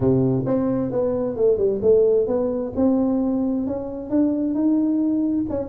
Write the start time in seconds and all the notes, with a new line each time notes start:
0.00 C3
0.46 C4
0.91 B3
1.36 A3
1.57 G3
1.82 A3
2.27 B3
2.76 C4
3.66 C#4
4.10 D4
4.54 D#4
5.49 C#4